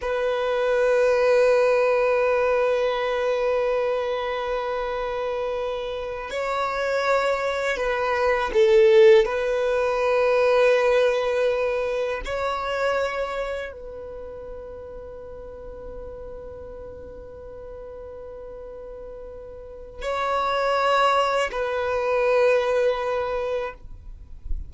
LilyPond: \new Staff \with { instrumentName = "violin" } { \time 4/4 \tempo 4 = 81 b'1~ | b'1~ | b'8 cis''2 b'4 a'8~ | a'8 b'2.~ b'8~ |
b'8 cis''2 b'4.~ | b'1~ | b'2. cis''4~ | cis''4 b'2. | }